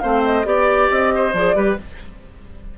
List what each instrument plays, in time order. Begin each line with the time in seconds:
0.00 bassoon A3, clarinet C4, oboe C5, flute F5
0.25 flute D#5
0.45 bassoon B3, clarinet G4, flute D5, oboe D5
0.91 bassoon C4, flute D#5
1.15 oboe C5
1.33 bassoon F3, clarinet G#4, flute D5
1.55 bassoon G3, clarinet G4, oboe B4